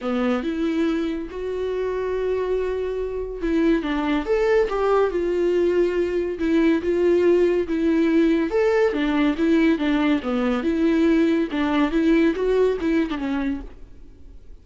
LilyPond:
\new Staff \with { instrumentName = "viola" } { \time 4/4 \tempo 4 = 141 b4 e'2 fis'4~ | fis'1 | e'4 d'4 a'4 g'4 | f'2. e'4 |
f'2 e'2 | a'4 d'4 e'4 d'4 | b4 e'2 d'4 | e'4 fis'4 e'8. d'16 cis'4 | }